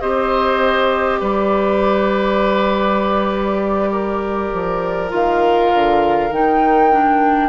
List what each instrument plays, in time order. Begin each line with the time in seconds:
0.00 bassoon C4, clarinet G4, oboe C5, flute D#5
1.20 bassoon G3, oboe B4, flute D5
3.92 oboe A#4
4.52 bassoon F3
5.09 bassoon D#3, clarinet F4, flute F5
5.73 bassoon D3
6.30 bassoon D#3, clarinet D#4, flute G5
6.91 clarinet D4